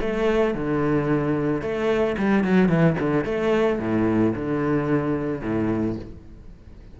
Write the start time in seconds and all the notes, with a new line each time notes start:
0.00 A3
0.54 D3
1.61 A3
2.18 G3
2.44 F#3
2.68 E3
2.99 D3
3.25 A3
3.79 A2
4.35 D3
5.41 A2